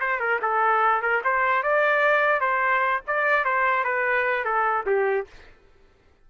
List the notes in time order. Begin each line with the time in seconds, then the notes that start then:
0.00 C5
0.19 A#4
0.41 A4
1.01 A#4
1.24 C5
1.63 D5
2.40 C5
3.07 D5
3.44 C5
3.84 B4
4.44 A4
4.86 G4